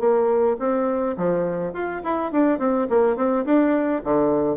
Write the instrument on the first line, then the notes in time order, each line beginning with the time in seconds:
bassoon
0.00 A#3
0.59 C4
1.18 F3
1.74 F4
2.04 E4
2.32 D4
2.59 C4
2.90 A#3
3.17 C4
3.45 D4
4.04 D3